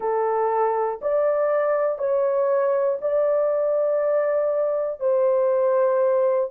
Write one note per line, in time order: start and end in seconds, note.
0.00 1.00 A4
1.01 1.98 D5
1.98 2.98 C#5
3.00 5.00 D5
5.00 6.50 C5